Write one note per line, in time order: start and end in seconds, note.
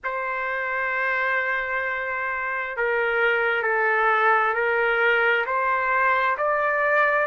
0.04 2.76 C5
2.76 3.62 A#4
3.62 4.53 A4
4.54 5.45 A#4
5.45 6.36 C5
6.37 7.26 D5